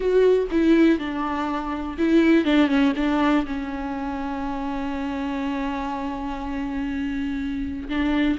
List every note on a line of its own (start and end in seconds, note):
0.00 0.48 F#4
0.51 0.98 E4
0.98 1.97 D4
1.98 2.45 E4
2.45 2.68 D4
2.68 2.92 C#4
2.96 3.45 D4
3.46 7.88 C#4
7.88 8.38 D4